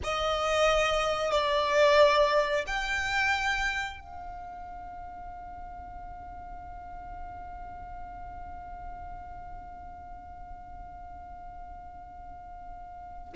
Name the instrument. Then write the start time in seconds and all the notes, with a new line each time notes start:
violin
0.03 D#5
1.31 D5
2.66 G5
3.99 F5